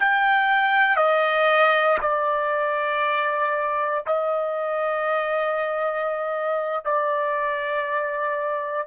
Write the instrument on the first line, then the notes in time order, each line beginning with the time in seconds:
trumpet
0.00 G5
0.97 D#5
2.02 D5
4.07 D#5
6.85 D5